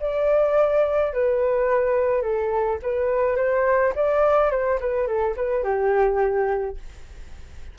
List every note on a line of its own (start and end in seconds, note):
0.00 1.13 D5
1.13 2.22 B4
2.22 2.79 A4
2.82 3.37 B4
3.37 3.93 C5
3.95 4.51 D5
4.51 4.79 C5
4.80 5.07 B4
5.07 5.35 A4
5.36 5.63 B4
5.63 6.77 G4